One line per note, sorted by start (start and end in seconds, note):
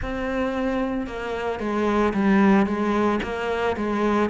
0.02 1.06 C4
1.06 1.59 A#3
1.59 2.13 G#3
2.13 2.66 G3
2.66 3.19 G#3
3.22 3.76 A#3
3.76 4.29 G#3